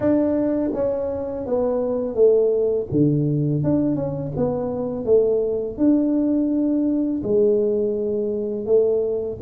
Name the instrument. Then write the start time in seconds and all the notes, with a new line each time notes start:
tuba
0.00 D4
0.73 C#4
1.46 B3
2.14 A3
2.91 D3
3.63 D4
3.95 C#4
4.36 B3
5.05 A3
5.77 D4
7.23 G#3
8.65 A3